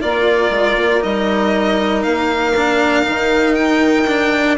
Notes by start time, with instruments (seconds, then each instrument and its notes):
0.00 bassoon A#3, cello F4, saxophone A#4, violin D5
0.50 bassoon G#3
0.76 bassoon A#3
1.00 bassoon G3, cello D#4, violin D#5
2.02 bassoon A#3, violin F5
2.56 cello D4
3.03 bassoon D#3, cello D#4
3.54 violin G5
4.06 cello D4